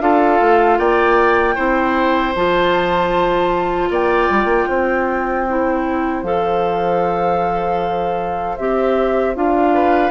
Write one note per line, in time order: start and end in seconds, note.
0.00 0.39 D4
0.00 1.56 F4
0.00 0.78 A4
0.00 0.78 F5
0.41 0.78 A3
0.78 1.56 A#3
0.78 1.55 D5
0.78 2.34 G5
1.55 2.34 C4
1.55 2.33 E4
1.55 3.88 C5
2.35 3.89 F3
2.35 5.47 F4
2.35 3.91 A5
3.89 4.28 A#3
3.89 4.68 D5
3.89 6.23 G5
4.29 4.44 G3
4.44 4.64 A#3
4.68 6.23 C4
4.68 9.74 C5
5.48 6.24 E4
6.23 8.56 F3
6.23 8.57 A4
6.23 8.56 F5
8.56 9.35 C4
8.56 9.35 G4
8.56 9.34 E5
9.35 10.11 D4
9.35 10.11 F4
9.35 10.11 F5
9.74 10.11 B4